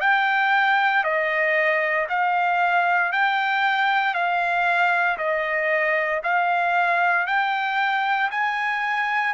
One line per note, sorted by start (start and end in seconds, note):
0.00 1.03 G5
1.03 2.07 D#5
2.09 3.12 F5
3.12 4.14 G5
4.14 5.17 F5
5.18 6.21 D#5
6.24 7.26 F5
7.26 8.30 G5
8.31 9.34 G#5